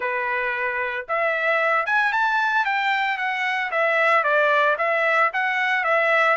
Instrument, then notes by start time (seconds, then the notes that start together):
trumpet
0.00 B4
1.08 E5
1.86 G#5
2.12 A5
2.65 G5
3.17 F#5
3.71 E5
4.23 D5
4.78 E5
5.33 F#5
5.84 E5